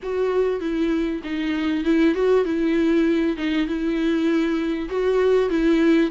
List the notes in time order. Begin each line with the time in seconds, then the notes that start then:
0.02 F#4
0.60 E4
1.23 D#4
1.84 E4
2.14 F#4
2.45 E4
3.36 D#4
3.67 E4
4.89 F#4
5.49 E4